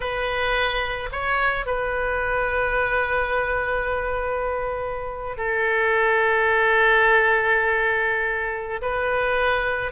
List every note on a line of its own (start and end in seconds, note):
0.00 1.09 B4
1.12 1.66 C#5
1.66 5.37 B4
5.37 8.81 A4
8.81 9.91 B4